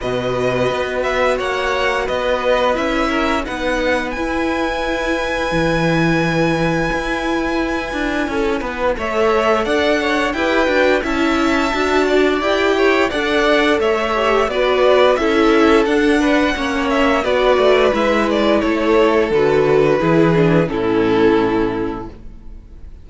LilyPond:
<<
  \new Staff \with { instrumentName = "violin" } { \time 4/4 \tempo 4 = 87 dis''4. e''8 fis''4 dis''4 | e''4 fis''4 gis''2~ | gis''1~ | gis''4 e''4 fis''4 g''4 |
a''2 g''4 fis''4 | e''4 d''4 e''4 fis''4~ | fis''8 e''8 d''4 e''8 d''8 cis''4 | b'2 a'2 | }
  \new Staff \with { instrumentName = "violin" } { \time 4/4 b'2 cis''4 b'4~ | b'8 ais'8 b'2.~ | b'1 | a'8 b'8 cis''4 d''8 cis''8 b'4 |
e''4. d''4 cis''8 d''4 | cis''4 b'4 a'4. b'8 | cis''4 b'2 a'4~ | a'4 gis'4 e'2 | }
  \new Staff \with { instrumentName = "viola" } { \time 4/4 fis'1 | e'4 dis'4 e'2~ | e'1~ | e'4 a'2 g'8 fis'8 |
e'4 fis'4 g'4 a'4~ | a'8 g'8 fis'4 e'4 d'4 | cis'4 fis'4 e'2 | fis'4 e'8 d'8 cis'2 | }
  \new Staff \with { instrumentName = "cello" } { \time 4/4 b,4 b4 ais4 b4 | cis'4 b4 e'2 | e2 e'4. d'8 | cis'8 b8 a4 d'4 e'8 d'8 |
cis'4 d'4 e'4 d'4 | a4 b4 cis'4 d'4 | ais4 b8 a8 gis4 a4 | d4 e4 a,2 | }
>>